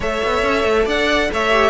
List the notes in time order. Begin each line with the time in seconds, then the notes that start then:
0.00 A3 A4 C#5 E5
0.23 B3
0.42 C#4
0.63 A3
0.85 D4 D5 F#5
1.32 A3 C#5 E5
1.50 G4